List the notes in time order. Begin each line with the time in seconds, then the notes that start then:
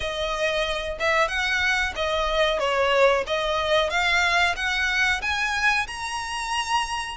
0.00 D#5
0.99 E5
1.27 F#5
1.95 D#5
2.59 C#5
3.26 D#5
3.90 F5
4.56 F#5
5.21 G#5
5.87 A#5